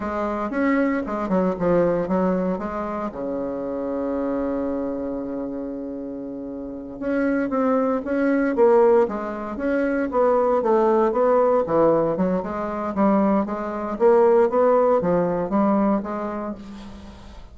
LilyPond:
\new Staff \with { instrumentName = "bassoon" } { \time 4/4 \tempo 4 = 116 gis4 cis'4 gis8 fis8 f4 | fis4 gis4 cis2~ | cis1~ | cis4. cis'4 c'4 cis'8~ |
cis'8 ais4 gis4 cis'4 b8~ | b8 a4 b4 e4 fis8 | gis4 g4 gis4 ais4 | b4 f4 g4 gis4 | }